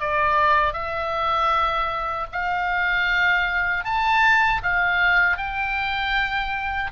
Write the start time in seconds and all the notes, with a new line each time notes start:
0.00 D5
0.73 E5
2.32 F5
3.85 A5
4.63 F5
5.37 G5